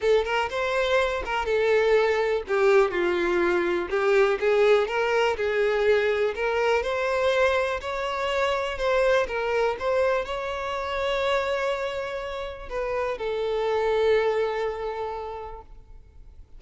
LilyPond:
\new Staff \with { instrumentName = "violin" } { \time 4/4 \tempo 4 = 123 a'8 ais'8 c''4. ais'8 a'4~ | a'4 g'4 f'2 | g'4 gis'4 ais'4 gis'4~ | gis'4 ais'4 c''2 |
cis''2 c''4 ais'4 | c''4 cis''2.~ | cis''2 b'4 a'4~ | a'1 | }